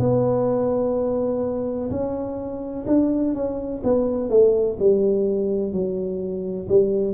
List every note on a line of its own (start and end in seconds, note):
0.00 1.90 B3
1.90 2.86 C#4
2.87 3.34 D4
3.34 3.82 C#4
3.84 4.30 B3
4.30 4.77 A3
4.79 5.73 G3
5.73 6.68 F#3
6.69 7.14 G3